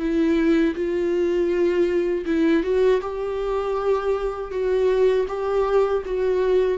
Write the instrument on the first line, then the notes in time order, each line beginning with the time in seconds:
viola
0.00 E4
0.75 F4
2.26 E4
2.64 F#4
3.02 G4
4.51 F#4
5.28 G4
6.06 F#4